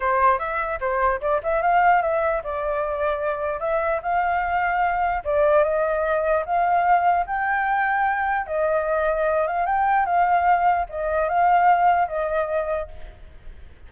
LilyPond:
\new Staff \with { instrumentName = "flute" } { \time 4/4 \tempo 4 = 149 c''4 e''4 c''4 d''8 e''8 | f''4 e''4 d''2~ | d''4 e''4 f''2~ | f''4 d''4 dis''2 |
f''2 g''2~ | g''4 dis''2~ dis''8 f''8 | g''4 f''2 dis''4 | f''2 dis''2 | }